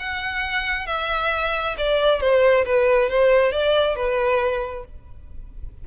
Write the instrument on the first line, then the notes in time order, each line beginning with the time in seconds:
violin
0.00 F#5
0.87 E5
1.78 D5
2.21 C5
2.66 B4
3.10 C5
3.52 D5
3.96 B4